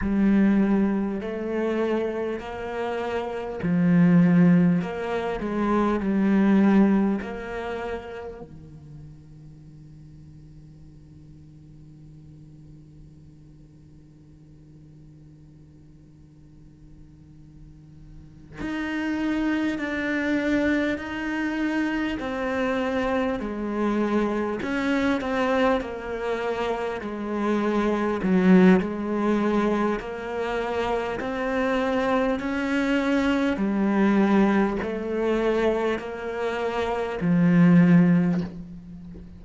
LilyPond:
\new Staff \with { instrumentName = "cello" } { \time 4/4 \tempo 4 = 50 g4 a4 ais4 f4 | ais8 gis8 g4 ais4 dis4~ | dis1~ | dis2.~ dis8 dis'8~ |
dis'8 d'4 dis'4 c'4 gis8~ | gis8 cis'8 c'8 ais4 gis4 fis8 | gis4 ais4 c'4 cis'4 | g4 a4 ais4 f4 | }